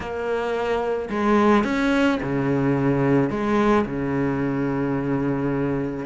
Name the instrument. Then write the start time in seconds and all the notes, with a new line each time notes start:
cello
0.00 A#3
1.10 G#3
1.64 C#4
2.22 C#3
3.30 G#3
3.85 C#3